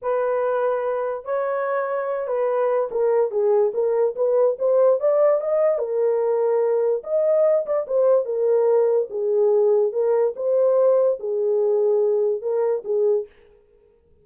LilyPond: \new Staff \with { instrumentName = "horn" } { \time 4/4 \tempo 4 = 145 b'2. cis''4~ | cis''4. b'4. ais'4 | gis'4 ais'4 b'4 c''4 | d''4 dis''4 ais'2~ |
ais'4 dis''4. d''8 c''4 | ais'2 gis'2 | ais'4 c''2 gis'4~ | gis'2 ais'4 gis'4 | }